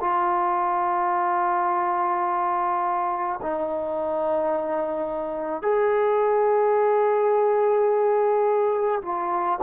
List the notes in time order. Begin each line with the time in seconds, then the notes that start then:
0.00 F4
3.42 D#4
5.62 G#4
9.02 F4